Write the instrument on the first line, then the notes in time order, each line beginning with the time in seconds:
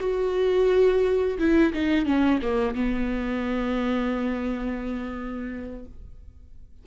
viola
0.00 F#4
1.38 E4
1.73 D#4
2.06 C#4
2.42 A#3
2.75 B3